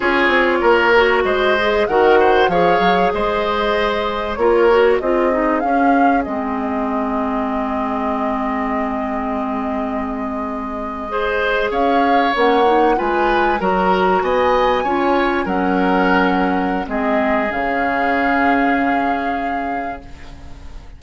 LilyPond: <<
  \new Staff \with { instrumentName = "flute" } { \time 4/4 \tempo 4 = 96 cis''2 dis''4 fis''4 | f''4 dis''2 cis''4 | dis''4 f''4 dis''2~ | dis''1~ |
dis''2~ dis''8. f''4 fis''16~ | fis''8. gis''4 ais''4 gis''4~ gis''16~ | gis''8. fis''2~ fis''16 dis''4 | f''1 | }
  \new Staff \with { instrumentName = "oboe" } { \time 4/4 gis'4 ais'4 c''4 ais'8 c''8 | cis''4 c''2 ais'4 | gis'1~ | gis'1~ |
gis'4.~ gis'16 c''4 cis''4~ cis''16~ | cis''8. b'4 ais'4 dis''4 cis''16~ | cis''8. ais'2~ ais'16 gis'4~ | gis'1 | }
  \new Staff \with { instrumentName = "clarinet" } { \time 4/4 f'4. fis'4 gis'8 fis'4 | gis'2. f'8 fis'8 | f'8 dis'8 cis'4 c'2~ | c'1~ |
c'4.~ c'16 gis'2 cis'16~ | cis'16 dis'8 f'4 fis'2 f'16~ | f'8. cis'2~ cis'16 c'4 | cis'1 | }
  \new Staff \with { instrumentName = "bassoon" } { \time 4/4 cis'8 c'8 ais4 gis4 dis4 | f8 fis8 gis2 ais4 | c'4 cis'4 gis2~ | gis1~ |
gis2~ gis8. cis'4 ais16~ | ais8. gis4 fis4 b4 cis'16~ | cis'8. fis2~ fis16 gis4 | cis1 | }
>>